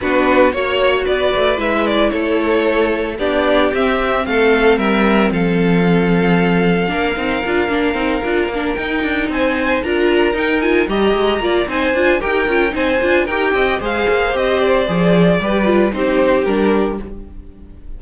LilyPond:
<<
  \new Staff \with { instrumentName = "violin" } { \time 4/4 \tempo 4 = 113 b'4 cis''4 d''4 e''8 d''8 | cis''2 d''4 e''4 | f''4 e''4 f''2~ | f''1~ |
f''8 g''4 gis''4 ais''4 g''8 | gis''8 ais''4. gis''4 g''4 | gis''4 g''4 f''4 dis''8 d''8~ | d''2 c''4 ais'4 | }
  \new Staff \with { instrumentName = "violin" } { \time 4/4 fis'4 cis''4 b'2 | a'2 g'2 | a'4 ais'4 a'2~ | a'4 ais'2.~ |
ais'4. c''4 ais'4.~ | ais'8 dis''4 d''8 c''4 ais'4 | c''4 ais'8 dis''8 c''2~ | c''4 b'4 g'2 | }
  \new Staff \with { instrumentName = "viola" } { \time 4/4 d'4 fis'2 e'4~ | e'2 d'4 c'4~ | c'1~ | c'4 d'8 dis'8 f'8 d'8 dis'8 f'8 |
d'8 dis'2 f'4 dis'8 | f'8 g'4 f'8 dis'8 f'8 g'8 f'8 | dis'8 f'8 g'4 gis'4 g'4 | gis'4 g'8 f'8 dis'4 d'4 | }
  \new Staff \with { instrumentName = "cello" } { \time 4/4 b4 ais4 b8 a8 gis4 | a2 b4 c'4 | a4 g4 f2~ | f4 ais8 c'8 d'8 ais8 c'8 d'8 |
ais8 dis'8 d'8 c'4 d'4 dis'8~ | dis'8 g8 gis8 ais8 c'8 d'8 dis'8 cis'8 | c'8 d'8 dis'8 c'8 gis8 ais8 c'4 | f4 g4 c'4 g4 | }
>>